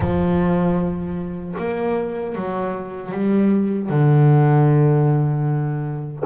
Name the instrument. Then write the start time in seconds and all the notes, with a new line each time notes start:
double bass
0.00 F3
1.58 A#3
2.35 F#3
3.11 G3
3.89 D3